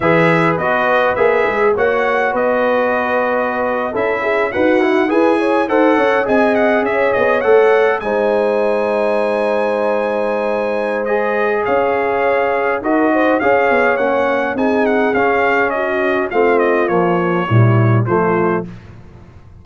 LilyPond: <<
  \new Staff \with { instrumentName = "trumpet" } { \time 4/4 \tempo 4 = 103 e''4 dis''4 e''4 fis''4 | dis''2~ dis''8. e''4 fis''16~ | fis''8. gis''4 fis''4 gis''8 fis''8 e''16~ | e''16 dis''8 fis''4 gis''2~ gis''16~ |
gis''2. dis''4 | f''2 dis''4 f''4 | fis''4 gis''8 fis''8 f''4 dis''4 | f''8 dis''8 cis''2 c''4 | }
  \new Staff \with { instrumentName = "horn" } { \time 4/4 b'2. cis''4 | b'2~ b'8. a'8 gis'8 fis'16~ | fis'8. b'8 cis''8 c''8 cis''8 dis''4 cis''16~ | cis''4.~ cis''16 c''2~ c''16~ |
c''1 | cis''2 ais'8 c''8 cis''4~ | cis''4 gis'2 fis'4 | f'2 e'4 f'4 | }
  \new Staff \with { instrumentName = "trombone" } { \time 4/4 gis'4 fis'4 gis'4 fis'4~ | fis'2~ fis'8. e'4 b'16~ | b'16 e'8 gis'4 a'4 gis'4~ gis'16~ | gis'8. a'4 dis'2~ dis'16~ |
dis'2. gis'4~ | gis'2 fis'4 gis'4 | cis'4 dis'4 cis'2 | c'4 f4 g4 a4 | }
  \new Staff \with { instrumentName = "tuba" } { \time 4/4 e4 b4 ais8 gis8 ais4 | b2~ b8. cis'4 dis'16~ | dis'8. e'4 dis'8 cis'8 c'4 cis'16~ | cis'16 b8 a4 gis2~ gis16~ |
gis1 | cis'2 dis'4 cis'8 b8 | ais4 c'4 cis'2 | a4 ais4 ais,4 f4 | }
>>